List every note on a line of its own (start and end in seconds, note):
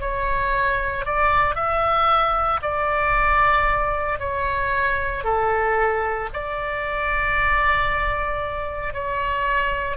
0.00 1.05 C#5
1.05 1.55 D5
1.55 2.60 E5
2.62 4.19 D5
4.19 5.24 C#5
5.24 6.29 A4
6.33 8.93 D5
8.93 9.97 C#5